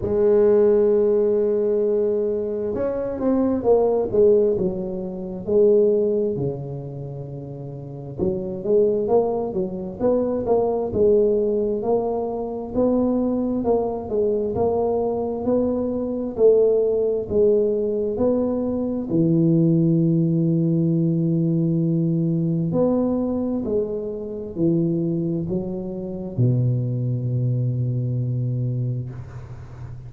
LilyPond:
\new Staff \with { instrumentName = "tuba" } { \time 4/4 \tempo 4 = 66 gis2. cis'8 c'8 | ais8 gis8 fis4 gis4 cis4~ | cis4 fis8 gis8 ais8 fis8 b8 ais8 | gis4 ais4 b4 ais8 gis8 |
ais4 b4 a4 gis4 | b4 e2.~ | e4 b4 gis4 e4 | fis4 b,2. | }